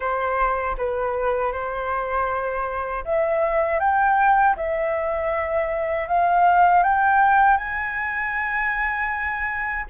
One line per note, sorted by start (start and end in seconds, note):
0.00 0.76 C5
0.77 1.52 B4
1.52 3.04 C5
3.04 3.79 E5
3.79 4.55 G5
4.56 6.08 E5
6.08 6.83 F5
6.83 7.57 G5
7.57 9.85 G#5